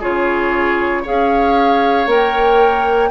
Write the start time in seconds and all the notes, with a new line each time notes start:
0.00 C#3 F4 G#4 C#5
1.02 C#4 G#4 C#5 F5
2.07 A#3 A#4 G5